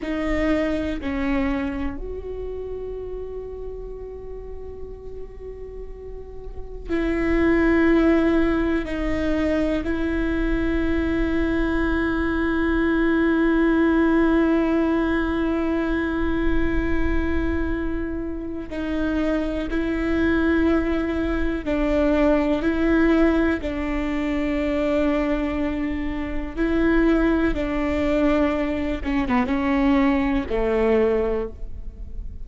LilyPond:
\new Staff \with { instrumentName = "viola" } { \time 4/4 \tempo 4 = 61 dis'4 cis'4 fis'2~ | fis'2. e'4~ | e'4 dis'4 e'2~ | e'1~ |
e'2. dis'4 | e'2 d'4 e'4 | d'2. e'4 | d'4. cis'16 b16 cis'4 a4 | }